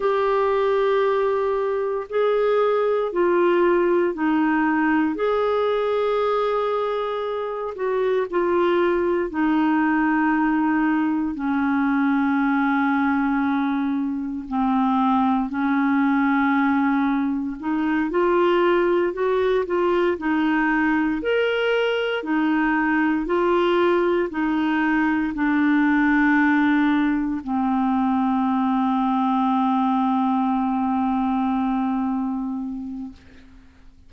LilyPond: \new Staff \with { instrumentName = "clarinet" } { \time 4/4 \tempo 4 = 58 g'2 gis'4 f'4 | dis'4 gis'2~ gis'8 fis'8 | f'4 dis'2 cis'4~ | cis'2 c'4 cis'4~ |
cis'4 dis'8 f'4 fis'8 f'8 dis'8~ | dis'8 ais'4 dis'4 f'4 dis'8~ | dis'8 d'2 c'4.~ | c'1 | }